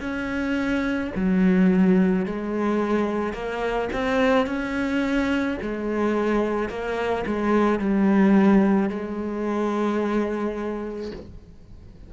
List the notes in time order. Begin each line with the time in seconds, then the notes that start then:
0.00 C#4
1.15 F#3
2.26 G#3
3.33 A#3
3.93 C4
4.46 C#4
5.62 G#3
6.69 A#3
7.27 G#3
7.79 G3
8.89 G#3